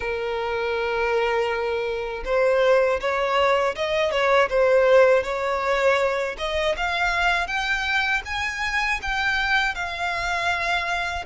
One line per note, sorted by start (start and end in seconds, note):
0.00 2.23 A#4
2.25 3.00 C5
3.00 3.75 C#5
3.75 4.11 D#5
4.11 4.48 C#5
4.49 5.23 C5
5.23 6.35 C#5
6.38 6.75 D#5
6.77 7.47 F5
7.47 8.22 G5
8.25 9.00 G#5
9.01 9.74 G5
9.74 11.24 F5